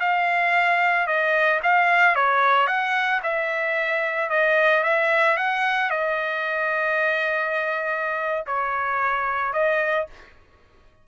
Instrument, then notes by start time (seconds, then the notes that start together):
trumpet
0.00 F5
1.07 D#5
1.63 F5
2.15 C#5
2.67 F#5
3.23 E5
4.30 D#5
4.83 E5
5.37 F#5
5.90 D#5
8.46 C#5
9.53 D#5